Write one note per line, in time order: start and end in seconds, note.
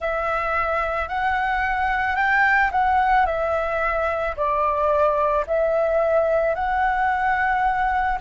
0.00 1.08 E5
1.08 2.15 F#5
2.15 2.70 G5
2.71 3.26 F#5
3.26 4.35 E5
4.36 5.45 D5
5.46 6.55 E5
6.55 8.18 F#5